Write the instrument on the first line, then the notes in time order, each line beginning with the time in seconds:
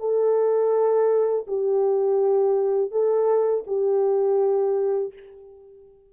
horn
0.00 A4
1.48 G4
2.92 A4
3.67 G4